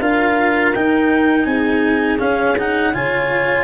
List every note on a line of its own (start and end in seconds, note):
0.00 0.73 D4
0.00 0.74 F4
0.00 1.46 A#4
0.00 0.73 F5
0.73 1.45 D#4
0.73 2.18 D#4
0.73 1.45 G5
1.45 2.18 C4
1.45 2.93 G#4
1.45 2.18 G#5
2.18 2.55 C#4
2.18 2.94 C#4
2.18 2.56 F5
2.58 2.93 D#4
2.58 2.94 F#5
2.93 3.64 C#3
2.93 3.64 F4
2.93 3.64 C#5
2.93 3.64 G#5